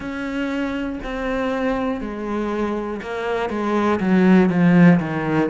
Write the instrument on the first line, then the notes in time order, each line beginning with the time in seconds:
cello
0.00 C#4
1.03 C4
2.00 G#3
3.02 A#3
3.50 G#3
4.00 F#3
4.49 F3
5.00 D#3